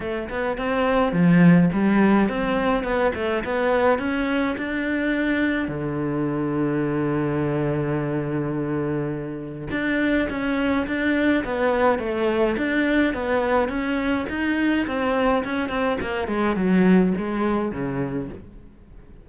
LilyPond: \new Staff \with { instrumentName = "cello" } { \time 4/4 \tempo 4 = 105 a8 b8 c'4 f4 g4 | c'4 b8 a8 b4 cis'4 | d'2 d2~ | d1~ |
d4 d'4 cis'4 d'4 | b4 a4 d'4 b4 | cis'4 dis'4 c'4 cis'8 c'8 | ais8 gis8 fis4 gis4 cis4 | }